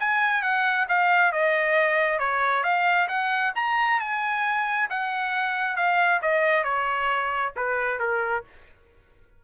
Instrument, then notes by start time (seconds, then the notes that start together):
trumpet
0.00 G#5
0.42 F#5
0.89 F5
1.32 D#5
2.19 C#5
2.63 F5
3.08 F#5
3.56 A#5
4.00 G#5
4.90 F#5
5.76 F5
6.22 D#5
6.64 C#5
7.56 B4
8.00 A#4